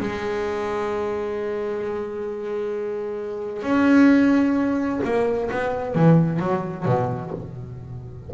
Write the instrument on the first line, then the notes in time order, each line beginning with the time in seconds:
double bass
0.00 G#3
3.63 C#4
5.04 A#3
5.51 B3
5.95 E3
6.40 F#3
6.86 B2